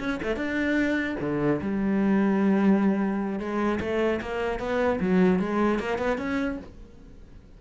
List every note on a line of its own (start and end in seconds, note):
0.00 0.20 C#4
0.23 0.37 A3
0.37 1.17 D4
1.21 1.61 D3
1.62 3.40 G3
3.40 3.80 G#3
3.81 4.21 A3
4.22 4.60 A#3
4.60 5.00 B3
5.01 5.40 F#3
5.40 5.80 G#3
5.80 5.99 A#3
5.99 6.18 B3
6.18 6.58 C#4